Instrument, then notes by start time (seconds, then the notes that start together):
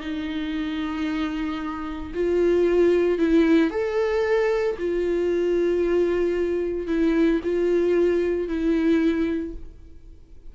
viola
0.00 D#4
2.14 F4
3.18 E4
3.70 A4
4.78 F4
6.87 E4
7.43 F4
8.48 E4